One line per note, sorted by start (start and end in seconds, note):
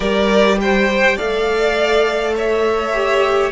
0.00 1.17 G3
0.00 1.17 G4
0.00 0.56 A#4
0.00 0.58 D5
0.60 1.16 C5
0.60 1.18 G5
1.16 3.51 A3
1.16 2.93 A4
1.16 2.33 D5
1.16 2.35 F5
2.35 3.51 C#5
2.35 3.51 E5
2.93 3.51 G4